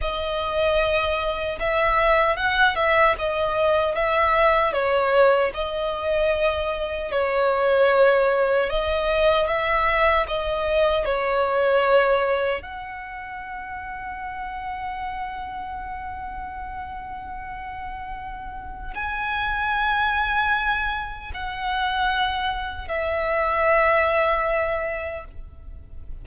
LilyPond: \new Staff \with { instrumentName = "violin" } { \time 4/4 \tempo 4 = 76 dis''2 e''4 fis''8 e''8 | dis''4 e''4 cis''4 dis''4~ | dis''4 cis''2 dis''4 | e''4 dis''4 cis''2 |
fis''1~ | fis''1 | gis''2. fis''4~ | fis''4 e''2. | }